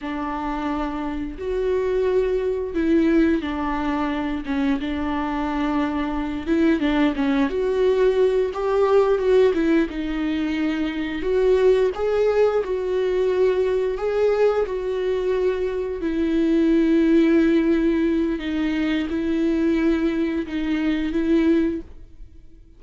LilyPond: \new Staff \with { instrumentName = "viola" } { \time 4/4 \tempo 4 = 88 d'2 fis'2 | e'4 d'4. cis'8 d'4~ | d'4. e'8 d'8 cis'8 fis'4~ | fis'8 g'4 fis'8 e'8 dis'4.~ |
dis'8 fis'4 gis'4 fis'4.~ | fis'8 gis'4 fis'2 e'8~ | e'2. dis'4 | e'2 dis'4 e'4 | }